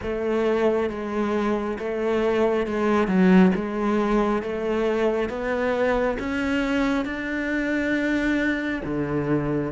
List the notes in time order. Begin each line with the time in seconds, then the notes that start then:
0.02 A3
0.89 G#3
1.78 A3
2.66 G#3
3.07 F#3
3.55 G#3
4.42 A3
5.29 B3
6.19 C#4
7.05 D4
8.84 D3